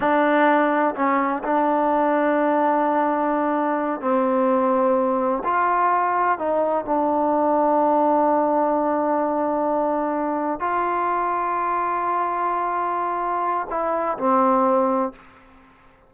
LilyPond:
\new Staff \with { instrumentName = "trombone" } { \time 4/4 \tempo 4 = 127 d'2 cis'4 d'4~ | d'1~ | d'8 c'2. f'8~ | f'4. dis'4 d'4.~ |
d'1~ | d'2~ d'8 f'4.~ | f'1~ | f'4 e'4 c'2 | }